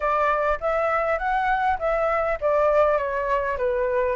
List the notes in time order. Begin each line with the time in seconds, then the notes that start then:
0.00 D5
0.60 E5
1.18 F#5
1.78 E5
2.40 D5
2.97 C#5
3.57 B4